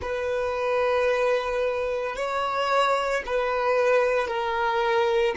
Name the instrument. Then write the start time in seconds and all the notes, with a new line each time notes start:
violin
0.01 B4
2.16 C#5
3.25 B4
4.27 A#4